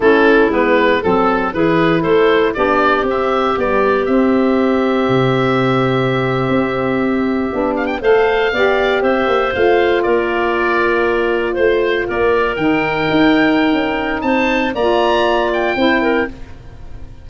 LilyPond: <<
  \new Staff \with { instrumentName = "oboe" } { \time 4/4 \tempo 4 = 118 a'4 b'4 a'4 b'4 | c''4 d''4 e''4 d''4 | e''1~ | e''2.~ e''16 f''16 g''16 f''16~ |
f''4.~ f''16 e''4 f''4 d''16~ | d''2~ d''8. c''4 d''16~ | d''8. g''2.~ g''16 | a''4 ais''4. g''4. | }
  \new Staff \with { instrumentName = "clarinet" } { \time 4/4 e'2 a'4 gis'4 | a'4 g'2.~ | g'1~ | g'2.~ g'8. c''16~ |
c''8. d''4 c''2 ais'16~ | ais'2~ ais'8. c''4 ais'16~ | ais'1 | c''4 d''2 c''8 ais'8 | }
  \new Staff \with { instrumentName = "saxophone" } { \time 4/4 cis'4 b4 c'4 e'4~ | e'4 d'4 c'4 g4 | c'1~ | c'2~ c'8. d'4 a'16~ |
a'8. g'2 f'4~ f'16~ | f'1~ | f'8. dis'2.~ dis'16~ | dis'4 f'2 e'4 | }
  \new Staff \with { instrumentName = "tuba" } { \time 4/4 a4 gis4 fis4 e4 | a4 b4 c'4 b4 | c'2 c2~ | c8. c'2 b4 a16~ |
a8. b4 c'8 ais8 a4 ais16~ | ais2~ ais8. a4 ais16~ | ais8. dis4 dis'4~ dis'16 cis'4 | c'4 ais2 c'4 | }
>>